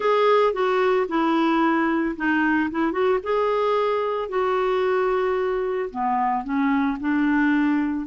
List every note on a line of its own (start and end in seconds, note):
0.00 0.53 G#4
0.53 1.06 F#4
1.08 2.15 E4
2.16 2.70 D#4
2.71 2.92 E4
2.92 3.19 F#4
3.23 4.29 G#4
4.29 5.89 F#4
5.90 6.44 B3
6.44 6.97 C#4
6.99 8.06 D4